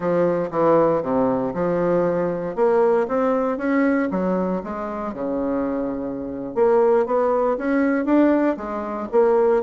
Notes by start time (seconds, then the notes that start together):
0.00 F3
0.51 E3
1.02 C3
1.54 F3
2.55 A#3
3.08 C4
3.57 C#4
4.10 F#3
4.63 G#3
5.13 C#3
6.54 A#3
7.06 B3
7.57 C#4
8.05 D4
8.56 G#3
9.11 A#3